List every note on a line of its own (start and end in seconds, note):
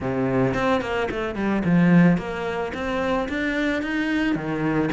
0.00 0.54 C3
0.54 0.81 C4
0.81 1.08 A#3
1.11 1.35 A3
1.35 1.62 G3
1.65 2.17 F3
2.17 2.72 A#3
2.74 3.28 C4
3.28 3.82 D4
3.82 4.35 D#4
4.35 4.89 D#3